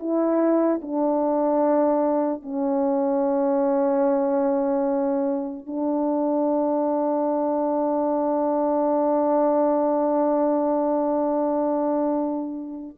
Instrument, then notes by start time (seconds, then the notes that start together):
horn
0.00 E4
0.83 D4
2.43 C#4
5.67 D4